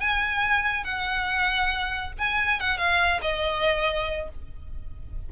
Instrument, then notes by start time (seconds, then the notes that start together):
violin
0.00 G#5
0.84 F#5
2.18 G#5
2.60 F#5
2.78 F5
3.22 D#5